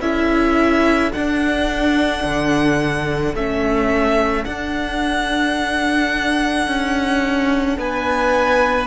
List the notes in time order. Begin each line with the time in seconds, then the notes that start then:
0.00 C#4 E4 A4 E5
1.12 D4 F#5
2.23 D3
3.34 A3 C#4 E5
4.44 D4 F#5
6.67 C#4
7.77 B3 B4 G#5